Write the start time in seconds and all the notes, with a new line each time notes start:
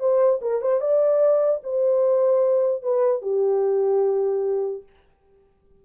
0.00 C5
0.42 A#4
0.62 C5
0.81 D5
1.64 C5
2.83 B4
3.22 G4